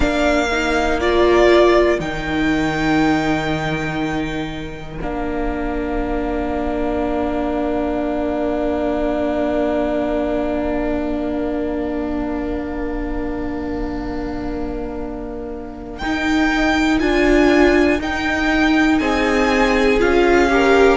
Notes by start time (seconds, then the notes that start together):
0.00 A#3 D4 A#4 F5
0.51 D#4
1.00 F4 D5
1.99 D#3 D#4 G5
4.99 A#3 D4 F5
15.98 D#4 G5
16.99 D4 F4 G#5
18.00 D#4 G5
18.99 C4 G#4 G#5
19.98 C#4 F4 F5
20.49 G4 A#4